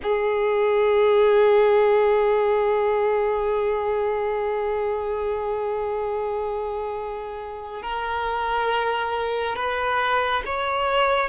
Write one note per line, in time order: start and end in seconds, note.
0.02 7.82 G#4
7.82 9.55 A#4
9.55 10.42 B4
10.45 11.29 C#5